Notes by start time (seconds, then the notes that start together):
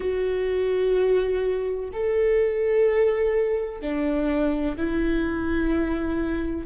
0.00 F#4
1.92 A4
3.81 D4
4.77 E4